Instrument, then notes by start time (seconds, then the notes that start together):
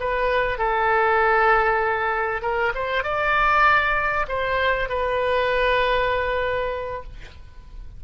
oboe
0.00 B4
0.58 A4
2.42 A#4
2.75 C5
3.04 D5
4.28 C5
4.89 B4